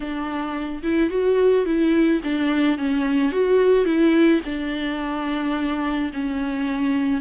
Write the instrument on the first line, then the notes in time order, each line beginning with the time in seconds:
viola
0.00 D4
0.82 E4
1.10 F#4
1.65 E4
2.23 D4
2.78 C#4
3.32 F#4
3.85 E4
4.45 D4
6.13 C#4